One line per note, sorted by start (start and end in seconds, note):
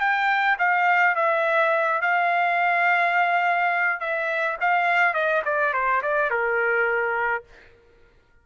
0.00 0.57 G5
0.58 1.15 F5
1.15 2.01 E5
2.02 4.00 F5
4.00 4.57 E5
4.61 5.14 F5
5.14 5.42 D#5
5.45 5.73 D5
5.73 6.02 C5
6.02 6.30 D5
6.30 7.44 A#4